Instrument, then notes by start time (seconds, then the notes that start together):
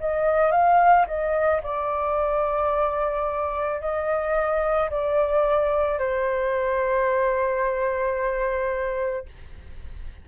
flute
0.00 D#5
0.51 F5
1.07 D#5
1.63 D5
3.81 D#5
4.90 D5
5.99 C5